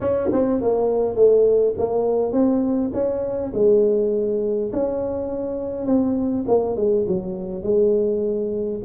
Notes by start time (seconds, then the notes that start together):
0.00 C#4
0.32 C4
0.61 A#3
1.15 A3
1.78 A#3
2.32 C4
2.93 C#4
3.53 G#3
4.72 C#4
5.86 C4
6.47 A#3
6.76 G#3
7.07 F#3
7.63 G#3